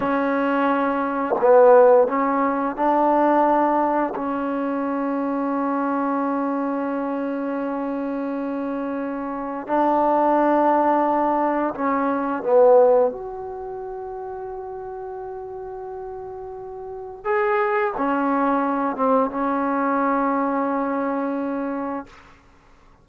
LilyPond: \new Staff \with { instrumentName = "trombone" } { \time 4/4 \tempo 4 = 87 cis'2 b4 cis'4 | d'2 cis'2~ | cis'1~ | cis'2 d'2~ |
d'4 cis'4 b4 fis'4~ | fis'1~ | fis'4 gis'4 cis'4. c'8 | cis'1 | }